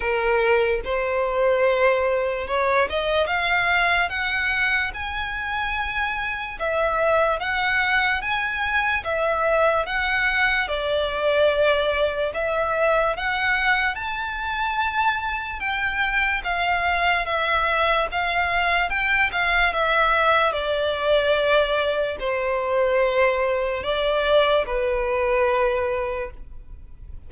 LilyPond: \new Staff \with { instrumentName = "violin" } { \time 4/4 \tempo 4 = 73 ais'4 c''2 cis''8 dis''8 | f''4 fis''4 gis''2 | e''4 fis''4 gis''4 e''4 | fis''4 d''2 e''4 |
fis''4 a''2 g''4 | f''4 e''4 f''4 g''8 f''8 | e''4 d''2 c''4~ | c''4 d''4 b'2 | }